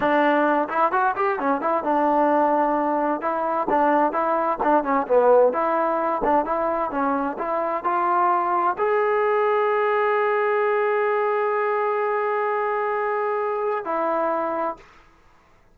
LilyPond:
\new Staff \with { instrumentName = "trombone" } { \time 4/4 \tempo 4 = 130 d'4. e'8 fis'8 g'8 cis'8 e'8 | d'2. e'4 | d'4 e'4 d'8 cis'8 b4 | e'4. d'8 e'4 cis'4 |
e'4 f'2 gis'4~ | gis'1~ | gis'1~ | gis'2 e'2 | }